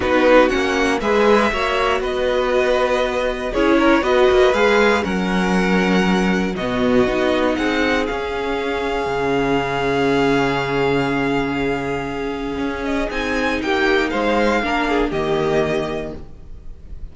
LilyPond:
<<
  \new Staff \with { instrumentName = "violin" } { \time 4/4 \tempo 4 = 119 b'4 fis''4 e''2 | dis''2. cis''4 | dis''4 f''4 fis''2~ | fis''4 dis''2 fis''4 |
f''1~ | f''1~ | f''4. dis''8 gis''4 g''4 | f''2 dis''2 | }
  \new Staff \with { instrumentName = "violin" } { \time 4/4 fis'2 b'4 cis''4 | b'2. gis'8 ais'8 | b'2 ais'2~ | ais'4 fis'2 gis'4~ |
gis'1~ | gis'1~ | gis'2. g'4 | c''4 ais'8 gis'8 g'2 | }
  \new Staff \with { instrumentName = "viola" } { \time 4/4 dis'4 cis'4 gis'4 fis'4~ | fis'2. e'4 | fis'4 gis'4 cis'2~ | cis'4 b4 dis'2 |
cis'1~ | cis'1~ | cis'2 dis'2~ | dis'4 d'4 ais2 | }
  \new Staff \with { instrumentName = "cello" } { \time 4/4 b4 ais4 gis4 ais4 | b2. cis'4 | b8 ais8 gis4 fis2~ | fis4 b,4 b4 c'4 |
cis'2 cis2~ | cis1~ | cis4 cis'4 c'4 ais4 | gis4 ais4 dis2 | }
>>